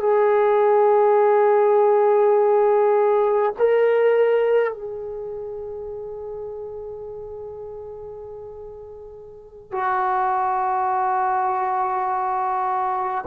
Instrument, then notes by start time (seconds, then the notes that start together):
trombone
0.00 G#4
3.58 A#4
4.73 G#4
9.72 F#4